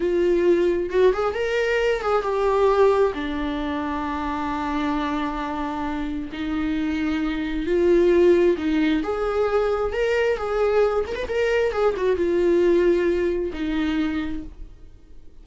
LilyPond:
\new Staff \with { instrumentName = "viola" } { \time 4/4 \tempo 4 = 133 f'2 fis'8 gis'8 ais'4~ | ais'8 gis'8 g'2 d'4~ | d'1~ | d'2 dis'2~ |
dis'4 f'2 dis'4 | gis'2 ais'4 gis'4~ | gis'8 ais'16 b'16 ais'4 gis'8 fis'8 f'4~ | f'2 dis'2 | }